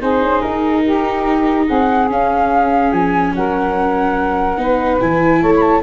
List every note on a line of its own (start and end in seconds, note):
0.00 0.22 C4
0.00 2.08 D#4
0.00 0.83 G#4
0.00 0.41 C5
0.22 0.43 C#4
0.41 1.69 D#4
0.41 1.66 A#4
0.84 1.67 G4
1.67 2.11 C4
1.67 3.33 G#4
1.67 2.09 F#5
2.09 4.58 C#4
2.09 2.92 C#4
2.09 2.92 F5
2.92 3.34 F3
2.92 3.34 G#5
3.35 4.57 F#3
3.35 4.61 A#4
3.35 5.01 F#5
4.57 4.99 B3
4.57 4.99 D#4
4.57 5.40 B4
5.00 5.43 E3
5.00 5.83 E4
5.00 5.42 G#5
5.40 5.83 A3
5.40 5.82 C#5
5.40 5.53 A5
5.56 5.82 A5
5.56 5.61 B5